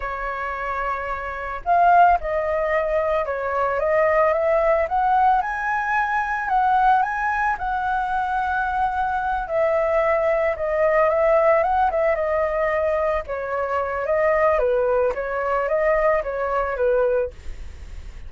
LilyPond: \new Staff \with { instrumentName = "flute" } { \time 4/4 \tempo 4 = 111 cis''2. f''4 | dis''2 cis''4 dis''4 | e''4 fis''4 gis''2 | fis''4 gis''4 fis''2~ |
fis''4. e''2 dis''8~ | dis''8 e''4 fis''8 e''8 dis''4.~ | dis''8 cis''4. dis''4 b'4 | cis''4 dis''4 cis''4 b'4 | }